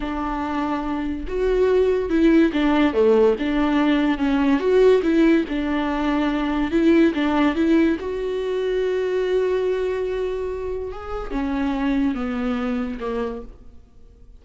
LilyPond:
\new Staff \with { instrumentName = "viola" } { \time 4/4 \tempo 4 = 143 d'2. fis'4~ | fis'4 e'4 d'4 a4 | d'2 cis'4 fis'4 | e'4 d'2. |
e'4 d'4 e'4 fis'4~ | fis'1~ | fis'2 gis'4 cis'4~ | cis'4 b2 ais4 | }